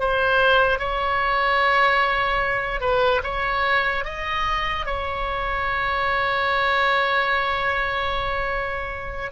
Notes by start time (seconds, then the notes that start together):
0.00 C5
0.80 C#5
2.81 B4
3.24 C#5
4.05 D#5
4.86 C#5